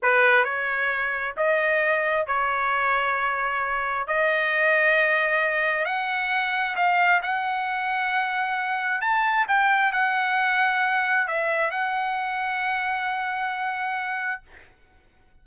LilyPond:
\new Staff \with { instrumentName = "trumpet" } { \time 4/4 \tempo 4 = 133 b'4 cis''2 dis''4~ | dis''4 cis''2.~ | cis''4 dis''2.~ | dis''4 fis''2 f''4 |
fis''1 | a''4 g''4 fis''2~ | fis''4 e''4 fis''2~ | fis''1 | }